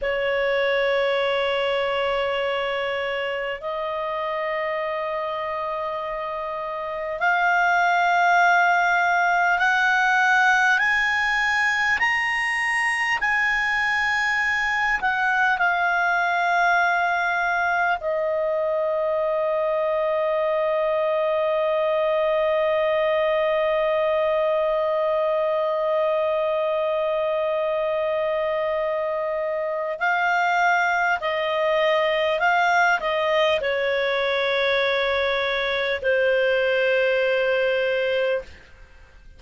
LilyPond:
\new Staff \with { instrumentName = "clarinet" } { \time 4/4 \tempo 4 = 50 cis''2. dis''4~ | dis''2 f''2 | fis''4 gis''4 ais''4 gis''4~ | gis''8 fis''8 f''2 dis''4~ |
dis''1~ | dis''1~ | dis''4 f''4 dis''4 f''8 dis''8 | cis''2 c''2 | }